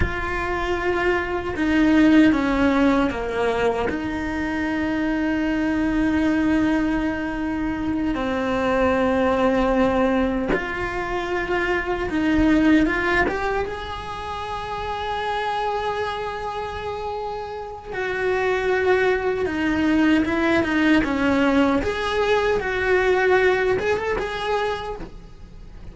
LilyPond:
\new Staff \with { instrumentName = "cello" } { \time 4/4 \tempo 4 = 77 f'2 dis'4 cis'4 | ais4 dis'2.~ | dis'2~ dis'8 c'4.~ | c'4. f'2 dis'8~ |
dis'8 f'8 g'8 gis'2~ gis'8~ | gis'2. fis'4~ | fis'4 dis'4 e'8 dis'8 cis'4 | gis'4 fis'4. gis'16 a'16 gis'4 | }